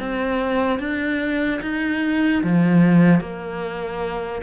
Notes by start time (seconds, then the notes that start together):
0.00 C4
0.79 D4
1.62 D#4
2.44 F3
3.21 A#3